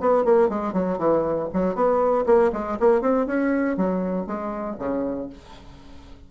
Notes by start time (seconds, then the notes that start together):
0.00 B3
0.24 A#3
0.48 G#3
0.73 F#3
0.98 E3
1.53 F#3
1.75 B3
2.26 A#3
2.53 G#3
2.79 A#3
3.01 C4
3.26 C#4
3.77 F#3
4.26 G#3
4.79 C#3